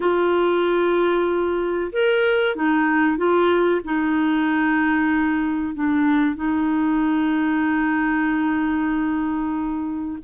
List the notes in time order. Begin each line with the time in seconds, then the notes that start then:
0.00 F4
1.92 A#4
2.55 D#4
3.17 F4
3.84 D#4
5.74 D4
6.35 D#4